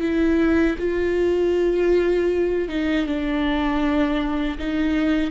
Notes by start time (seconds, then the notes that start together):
0.00 E4
0.78 F4
2.68 D#4
3.06 D4
4.58 D#4